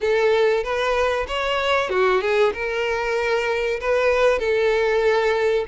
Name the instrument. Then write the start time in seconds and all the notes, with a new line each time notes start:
violin
0.00 A4
0.63 B4
1.27 C#5
1.89 F#4
2.21 G#4
2.53 A#4
3.80 B4
4.39 A4